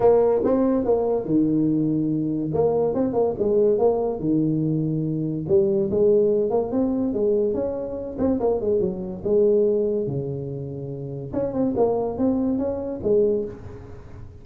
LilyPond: \new Staff \with { instrumentName = "tuba" } { \time 4/4 \tempo 4 = 143 ais4 c'4 ais4 dis4~ | dis2 ais4 c'8 ais8 | gis4 ais4 dis2~ | dis4 g4 gis4. ais8 |
c'4 gis4 cis'4. c'8 | ais8 gis8 fis4 gis2 | cis2. cis'8 c'8 | ais4 c'4 cis'4 gis4 | }